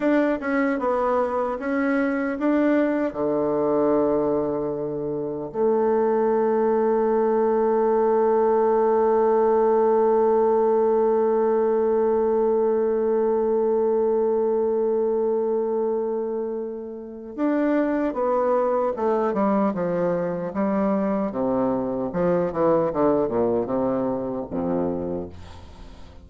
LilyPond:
\new Staff \with { instrumentName = "bassoon" } { \time 4/4 \tempo 4 = 76 d'8 cis'8 b4 cis'4 d'4 | d2. a4~ | a1~ | a1~ |
a1~ | a2 d'4 b4 | a8 g8 f4 g4 c4 | f8 e8 d8 ais,8 c4 f,4 | }